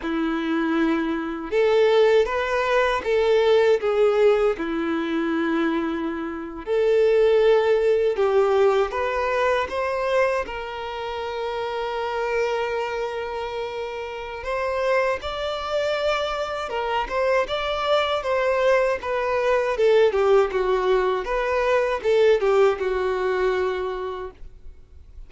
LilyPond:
\new Staff \with { instrumentName = "violin" } { \time 4/4 \tempo 4 = 79 e'2 a'4 b'4 | a'4 gis'4 e'2~ | e'8. a'2 g'4 b'16~ | b'8. c''4 ais'2~ ais'16~ |
ais'2. c''4 | d''2 ais'8 c''8 d''4 | c''4 b'4 a'8 g'8 fis'4 | b'4 a'8 g'8 fis'2 | }